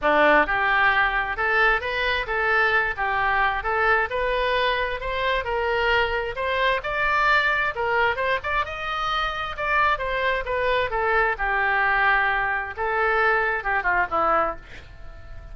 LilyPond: \new Staff \with { instrumentName = "oboe" } { \time 4/4 \tempo 4 = 132 d'4 g'2 a'4 | b'4 a'4. g'4. | a'4 b'2 c''4 | ais'2 c''4 d''4~ |
d''4 ais'4 c''8 d''8 dis''4~ | dis''4 d''4 c''4 b'4 | a'4 g'2. | a'2 g'8 f'8 e'4 | }